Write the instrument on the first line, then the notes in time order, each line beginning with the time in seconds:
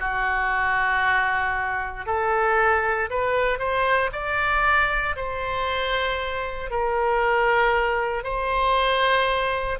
oboe
0.00 F#4
2.06 A4
3.10 B4
3.59 C5
4.12 D5
5.16 C5
6.71 A#4
8.24 C5